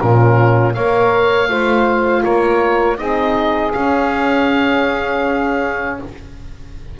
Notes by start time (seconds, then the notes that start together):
0.00 A#2 C#4 F4 A#4
0.73 A#3 A#4 C#5 F5
1.48 A3 F4 C5
2.22 A#3 A#4 C#5
2.98 C4 D#4 G#4 D#5
3.73 C#4 F5